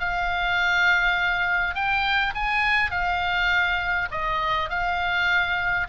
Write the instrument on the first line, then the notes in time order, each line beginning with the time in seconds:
oboe
0.00 F5
1.75 G5
2.35 G#5
2.91 F5
4.11 D#5
4.70 F5